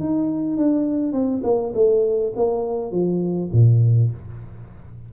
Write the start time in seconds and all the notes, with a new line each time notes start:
0.00 D#4
0.57 D4
1.13 C4
1.44 A#3
1.74 A3
2.36 A#3
2.92 F3
3.52 A#2